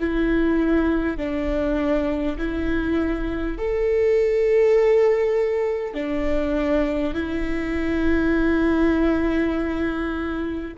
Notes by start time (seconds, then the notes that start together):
0.00 E4
1.17 D4
2.38 E4
3.58 A4
5.94 D4
7.15 E4